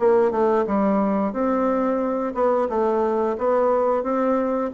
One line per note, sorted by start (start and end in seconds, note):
0.00 0.32 A#3
0.32 0.65 A3
0.67 1.33 G3
1.33 2.34 C4
2.35 2.68 B3
2.70 3.37 A3
3.38 4.03 B3
4.03 4.71 C4